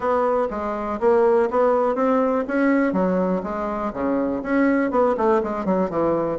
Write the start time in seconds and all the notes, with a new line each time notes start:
0.00 B3
0.50 G#3
1.00 A#3
1.50 B3
1.95 C4
2.47 C#4
2.92 F#3
3.43 G#3
3.93 C#3
4.42 C#4
4.90 B3
5.17 A3
5.43 G#3
5.65 F#3
5.89 E3